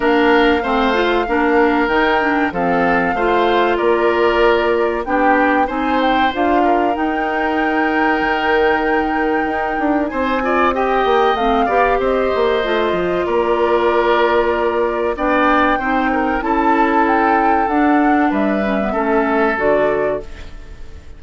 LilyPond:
<<
  \new Staff \with { instrumentName = "flute" } { \time 4/4 \tempo 4 = 95 f''2. g''4 | f''2 d''2 | g''4 gis''8 g''8 f''4 g''4~ | g''1 |
gis''4 g''4 f''4 dis''4~ | dis''4 d''2. | g''2 a''4 g''4 | fis''4 e''2 d''4 | }
  \new Staff \with { instrumentName = "oboe" } { \time 4/4 ais'4 c''4 ais'2 | a'4 c''4 ais'2 | g'4 c''4. ais'4.~ | ais'1 |
c''8 d''8 dis''4. d''8 c''4~ | c''4 ais'2. | d''4 c''8 ais'8 a'2~ | a'4 b'4 a'2 | }
  \new Staff \with { instrumentName = "clarinet" } { \time 4/4 d'4 c'8 f'8 d'4 dis'8 d'8 | c'4 f'2. | d'4 dis'4 f'4 dis'4~ | dis'1~ |
dis'8 f'8 g'4 c'8 g'4. | f'1 | d'4 dis'4 e'2 | d'4. cis'16 b16 cis'4 fis'4 | }
  \new Staff \with { instrumentName = "bassoon" } { \time 4/4 ais4 a4 ais4 dis4 | f4 a4 ais2 | b4 c'4 d'4 dis'4~ | dis'4 dis2 dis'8 d'8 |
c'4. ais8 a8 b8 c'8 ais8 | a8 f8 ais2. | b4 c'4 cis'2 | d'4 g4 a4 d4 | }
>>